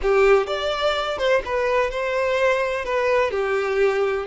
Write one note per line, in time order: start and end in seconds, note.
0.02 0.46 G4
0.46 1.18 D5
1.18 1.42 C5
1.45 1.90 B4
1.90 2.84 C5
2.84 3.31 B4
3.31 4.26 G4